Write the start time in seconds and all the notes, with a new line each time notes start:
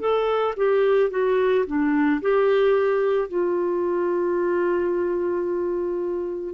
0.00 A4
0.57 G4
1.11 F#4
1.67 D4
2.22 G4
3.29 F4